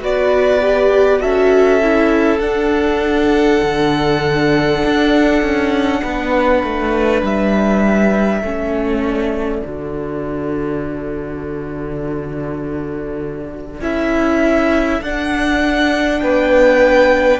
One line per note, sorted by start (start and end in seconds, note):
0.00 1.24 B3
0.00 0.60 F#4
0.00 1.21 B4
0.00 1.22 D5
0.61 1.20 G4
1.20 2.41 C#4
1.20 1.80 F#4
1.20 6.01 A4
1.20 2.39 E5
1.82 2.41 E4
2.39 3.60 D4
2.39 8.41 D4
2.39 7.19 F#5
3.63 4.83 D3
4.86 5.42 D4
5.42 6.03 C#4
6.02 6.63 B3
6.02 8.41 B4
6.63 7.23 A3
7.23 8.42 G3
7.23 9.04 E5
8.41 9.62 A3
8.41 9.64 C#4
8.41 16.21 A4
9.04 13.83 D5
9.64 13.81 D3
9.64 13.82 F#4
13.81 15.01 C#4
13.81 15.02 E4
13.81 15.03 E5
15.02 16.21 D4
15.02 17.40 D4
15.02 16.21 F#5
16.21 17.40 B3
16.21 17.40 B4
16.21 17.40 G5